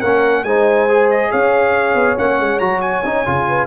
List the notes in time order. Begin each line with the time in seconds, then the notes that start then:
0.00 A#3 C#4 A#4 F#5
0.43 G#3 D#4 C5 G#5
0.89 G#4
1.10 D#5
1.31 C#4 C#5 F5
1.95 B3
2.17 A#3 C#4 F#5
2.39 G#3
2.59 F#3 F#4 A#5
2.81 G#5
3.04 C#4 D#4
3.25 C#3 F4
3.48 B4